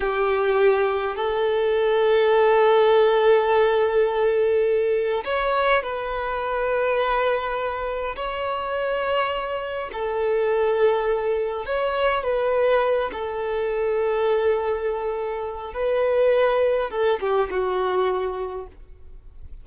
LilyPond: \new Staff \with { instrumentName = "violin" } { \time 4/4 \tempo 4 = 103 g'2 a'2~ | a'1~ | a'4 cis''4 b'2~ | b'2 cis''2~ |
cis''4 a'2. | cis''4 b'4. a'4.~ | a'2. b'4~ | b'4 a'8 g'8 fis'2 | }